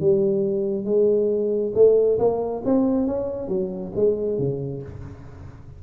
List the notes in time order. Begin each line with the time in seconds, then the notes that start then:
0.00 G3
0.85 G#3
1.74 A3
2.19 A#3
2.65 C4
3.07 C#4
3.48 F#3
3.95 G#3
4.38 C#3